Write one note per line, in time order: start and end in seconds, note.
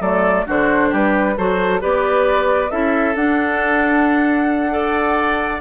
0.00 0.45 F#3
0.00 0.46 A3
0.00 0.45 A4
0.00 0.46 D5
0.46 0.92 D3
0.46 1.36 D4
0.46 0.89 F#4
0.46 0.94 C5
0.89 1.37 G3
0.89 1.34 G4
0.89 1.37 B4
1.37 1.82 F#3
1.37 1.80 F#4
1.37 1.82 A4
1.37 1.81 C5
1.80 2.71 B3
1.80 2.69 G4
1.80 2.70 B4
1.80 2.71 D5
2.70 3.15 C#4
2.70 3.15 E4
2.70 4.72 A4
2.70 3.15 E5
3.15 5.61 D4
3.15 4.70 D4
3.15 5.61 F#5
4.70 5.59 A4
4.70 5.61 D5